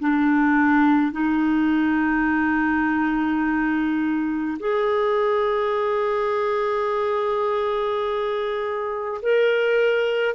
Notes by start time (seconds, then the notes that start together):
0.00 D4
1.12 D#4
4.60 G#4
9.23 A#4